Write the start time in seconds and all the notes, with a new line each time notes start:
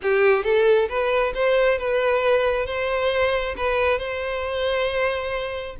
0.02 G4
0.43 A4
0.88 B4
1.34 C5
1.78 B4
2.66 C5
3.56 B4
3.98 C5